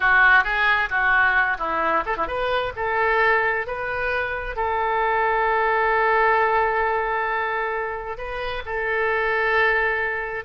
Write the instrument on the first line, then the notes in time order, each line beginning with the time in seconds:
oboe
0.00 F#4
0.43 G#4
0.89 F#4
1.58 E4
2.05 A4
2.16 E4
2.27 B4
2.76 A4
3.66 B4
4.56 A4
8.17 B4
8.65 A4